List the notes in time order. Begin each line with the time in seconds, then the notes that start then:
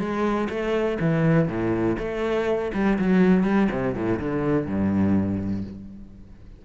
0.00 G#3
0.50 A3
1.01 E3
1.49 A2
1.99 A3
2.74 G3
2.99 F#3
3.44 G3
3.72 C3
3.95 A2
4.20 D3
4.67 G2